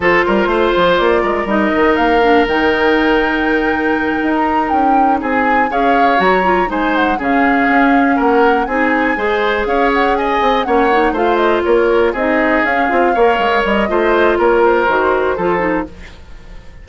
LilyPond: <<
  \new Staff \with { instrumentName = "flute" } { \time 4/4 \tempo 4 = 121 c''2 d''4 dis''4 | f''4 g''2.~ | g''8. ais''8. g''4 gis''4 f''8~ | f''8 ais''4 gis''8 fis''8 f''4.~ |
f''8 fis''4 gis''2 f''8 | fis''8 gis''4 fis''4 f''8 dis''8 cis''8~ | cis''8 dis''4 f''2 dis''8~ | dis''4 cis''8 c''2~ c''8 | }
  \new Staff \with { instrumentName = "oboe" } { \time 4/4 a'8 ais'8 c''4. ais'4.~ | ais'1~ | ais'2~ ais'8 gis'4 cis''8~ | cis''4. c''4 gis'4.~ |
gis'8 ais'4 gis'4 c''4 cis''8~ | cis''8 dis''4 cis''4 c''4 ais'8~ | ais'8 gis'2 cis''4. | c''4 ais'2 a'4 | }
  \new Staff \with { instrumentName = "clarinet" } { \time 4/4 f'2. dis'4~ | dis'8 d'8 dis'2.~ | dis'2.~ dis'8 gis'8~ | gis'8 fis'8 f'8 dis'4 cis'4.~ |
cis'4. dis'4 gis'4.~ | gis'4. cis'8 dis'8 f'4.~ | f'8 dis'4 cis'8 f'8 ais'4. | f'2 fis'4 f'8 dis'8 | }
  \new Staff \with { instrumentName = "bassoon" } { \time 4/4 f8 g8 a8 f8 ais8 gis8 g8 dis8 | ais4 dis2.~ | dis8 dis'4 cis'4 c'4 cis'8~ | cis'8 fis4 gis4 cis4 cis'8~ |
cis'8 ais4 c'4 gis4 cis'8~ | cis'4 c'8 ais4 a4 ais8~ | ais8 c'4 cis'8 c'8 ais8 gis8 g8 | a4 ais4 dis4 f4 | }
>>